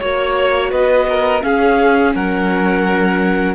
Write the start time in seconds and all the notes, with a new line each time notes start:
0.00 A#3 F#4 C#5
0.71 B3 B4 D#5
1.09 A#4
1.41 C#4 G#4 F5
2.15 F#3 A#4 F#5